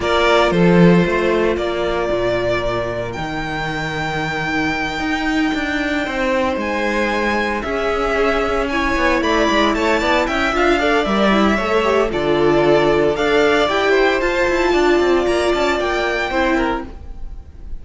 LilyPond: <<
  \new Staff \with { instrumentName = "violin" } { \time 4/4 \tempo 4 = 114 d''4 c''2 d''4~ | d''2 g''2~ | g''1~ | g''8 gis''2 e''4.~ |
e''8 gis''4 b''4 a''4 g''8 | f''4 e''2 d''4~ | d''4 f''4 g''4 a''4~ | a''4 ais''8 a''8 g''2 | }
  \new Staff \with { instrumentName = "violin" } { \time 4/4 ais'4 a'4 c''4 ais'4~ | ais'1~ | ais'2.~ ais'8 c''8~ | c''2~ c''8 gis'4.~ |
gis'8 cis''4 d''4 cis''8 d''8 e''8~ | e''8 d''4. cis''4 a'4~ | a'4 d''4. c''4. | d''2. c''8 ais'8 | }
  \new Staff \with { instrumentName = "viola" } { \time 4/4 f'1~ | f'2 dis'2~ | dis'1~ | dis'2~ dis'8 cis'4.~ |
cis'8 e'2.~ e'8 | f'8 a'8 ais'8 e'8 a'8 g'8 f'4~ | f'4 a'4 g'4 f'4~ | f'2. e'4 | }
  \new Staff \with { instrumentName = "cello" } { \time 4/4 ais4 f4 a4 ais4 | ais,2 dis2~ | dis4. dis'4 d'4 c'8~ | c'8 gis2 cis'4.~ |
cis'4 b8 a8 gis8 a8 b8 cis'8 | d'4 g4 a4 d4~ | d4 d'4 e'4 f'8 e'8 | d'8 c'8 ais8 cis'8 ais4 c'4 | }
>>